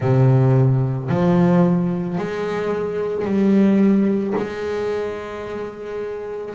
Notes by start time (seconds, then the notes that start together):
0.00 C3
1.09 F3
2.18 G#3
3.24 G3
4.36 G#3